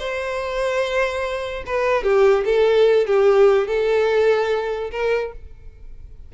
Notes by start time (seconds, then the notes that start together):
0.00 C5
1.67 B4
2.04 G4
2.45 A4
3.07 G4
3.68 A4
4.91 A#4